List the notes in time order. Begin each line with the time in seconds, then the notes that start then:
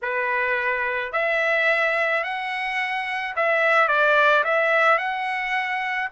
0.02 B4
1.12 E5
2.23 F#5
3.36 E5
3.88 D5
4.44 E5
4.98 F#5